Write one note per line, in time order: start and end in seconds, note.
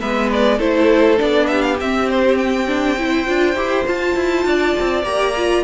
0.00 0.60 G#3
0.00 0.59 B3
0.00 0.58 B4
0.00 0.30 E5
0.32 0.59 D5
0.58 1.19 A3
0.58 1.17 E4
0.58 1.47 A4
0.58 1.19 C5
1.17 1.81 B3
1.17 1.77 D4
1.17 1.47 D5
1.47 2.99 G4
1.47 1.62 E5
1.62 1.77 F5
1.80 3.28 C4
1.80 2.67 C4
1.80 2.09 E5
2.09 2.38 C5
2.38 3.86 G5
2.67 2.97 D4
2.98 3.26 E4
2.98 4.47 C5
3.26 3.55 D4
3.26 3.56 F4
3.55 3.85 E4
3.55 3.86 G4
3.86 5.04 F4
3.86 4.16 F4
3.86 5.04 A5
4.16 4.45 E4
4.45 4.75 D4
4.45 5.64 D5
4.80 5.03 C4
5.03 5.63 A#3
5.03 5.35 G4
5.03 5.64 A#5
5.37 5.64 F4